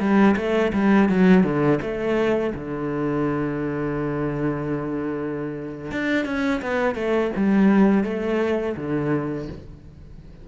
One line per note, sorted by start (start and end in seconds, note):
0.00 0.36 G3
0.37 0.72 A3
0.73 1.09 G3
1.09 1.44 F#3
1.44 1.79 D3
1.82 2.54 A3
2.55 5.92 D3
5.92 6.26 D4
6.26 6.61 C#4
6.62 6.95 B3
6.95 7.31 A3
7.37 8.04 G3
8.04 8.76 A3
8.77 9.48 D3